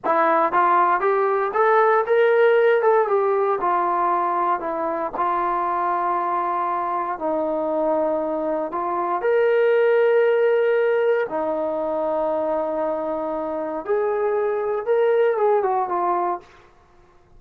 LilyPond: \new Staff \with { instrumentName = "trombone" } { \time 4/4 \tempo 4 = 117 e'4 f'4 g'4 a'4 | ais'4. a'8 g'4 f'4~ | f'4 e'4 f'2~ | f'2 dis'2~ |
dis'4 f'4 ais'2~ | ais'2 dis'2~ | dis'2. gis'4~ | gis'4 ais'4 gis'8 fis'8 f'4 | }